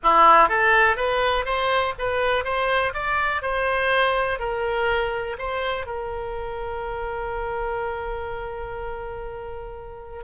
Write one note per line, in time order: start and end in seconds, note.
0.03 0.48 E4
0.48 0.96 A4
0.96 1.45 B4
1.45 1.93 C5
1.98 2.44 B4
2.44 2.93 C5
2.93 3.42 D5
3.42 4.39 C5
4.39 5.36 A#4
5.38 5.86 C5
5.86 10.23 A#4